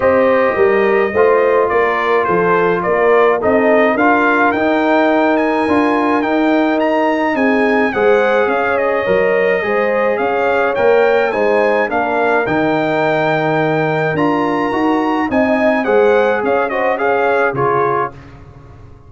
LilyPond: <<
  \new Staff \with { instrumentName = "trumpet" } { \time 4/4 \tempo 4 = 106 dis''2. d''4 | c''4 d''4 dis''4 f''4 | g''4. gis''4. g''4 | ais''4 gis''4 fis''4 f''8 dis''8~ |
dis''2 f''4 g''4 | gis''4 f''4 g''2~ | g''4 ais''2 gis''4 | fis''4 f''8 dis''8 f''4 cis''4 | }
  \new Staff \with { instrumentName = "horn" } { \time 4/4 c''4 ais'4 c''4 ais'4 | a'4 ais'4 a'4 ais'4~ | ais'1~ | ais'4 gis'4 c''4 cis''4~ |
cis''4 c''4 cis''2 | c''4 ais'2.~ | ais'2. dis''4 | c''4 cis''8 c''8 cis''4 gis'4 | }
  \new Staff \with { instrumentName = "trombone" } { \time 4/4 g'2 f'2~ | f'2 dis'4 f'4 | dis'2 f'4 dis'4~ | dis'2 gis'2 |
ais'4 gis'2 ais'4 | dis'4 d'4 dis'2~ | dis'4 f'4 fis'4 dis'4 | gis'4. fis'8 gis'4 f'4 | }
  \new Staff \with { instrumentName = "tuba" } { \time 4/4 c'4 g4 a4 ais4 | f4 ais4 c'4 d'4 | dis'2 d'4 dis'4~ | dis'4 c'4 gis4 cis'4 |
fis4 gis4 cis'4 ais4 | gis4 ais4 dis2~ | dis4 d'4 dis'4 c'4 | gis4 cis'2 cis4 | }
>>